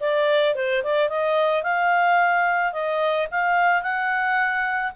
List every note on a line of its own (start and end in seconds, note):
0.00 0.55 D5
0.55 0.83 C5
0.83 1.09 D5
1.09 1.63 D#5
1.63 2.72 F5
2.72 3.28 D#5
3.31 3.82 F5
3.82 4.92 F#5